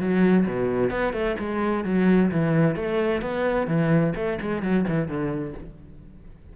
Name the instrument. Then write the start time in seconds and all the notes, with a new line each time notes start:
cello
0.00 F#3
0.47 B2
0.91 B3
1.13 A3
1.39 G#3
1.85 F#3
2.31 E3
2.76 A3
3.22 B3
3.68 E3
4.16 A3
4.41 G#3
4.63 F#3
4.88 E3
5.08 D3